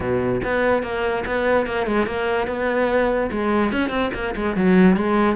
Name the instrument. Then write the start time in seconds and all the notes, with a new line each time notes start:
cello
0.00 B2
0.44 B3
0.83 A#3
1.25 B3
1.66 A#3
1.86 G#3
2.06 A#3
2.47 B3
3.31 G#3
3.72 C#4
3.89 C4
4.14 A#3
4.35 G#3
4.56 F#3
4.96 G#3